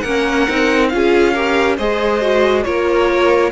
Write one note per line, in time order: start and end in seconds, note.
0.00 0.47 A#3
0.00 0.48 C#4
0.00 0.89 A#4
0.00 0.87 F#5
0.48 0.93 C4
0.48 0.91 D#4
0.89 1.78 C#4
0.89 1.34 F4
0.89 1.76 F5
0.95 1.33 G#4
1.33 1.78 G4
1.33 1.76 A#4
1.77 2.65 G#3
1.77 2.21 G#4
1.77 2.64 C5
1.77 2.63 D#5
2.21 2.64 F#4
2.63 3.52 A#3
2.63 3.51 F4
2.63 3.52 A#4
2.63 3.50 C#5